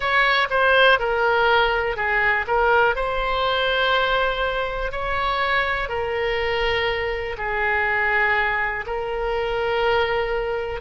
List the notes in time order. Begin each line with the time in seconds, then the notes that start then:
0.00 C#5
0.50 C5
0.99 A#4
1.96 G#4
2.47 A#4
2.95 C5
4.91 C#5
5.88 A#4
7.37 G#4
8.86 A#4